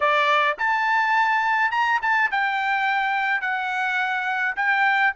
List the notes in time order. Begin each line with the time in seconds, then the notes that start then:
0.00 D5
0.58 A5
1.71 A#5
2.02 A5
2.31 G5
3.41 F#5
4.56 G5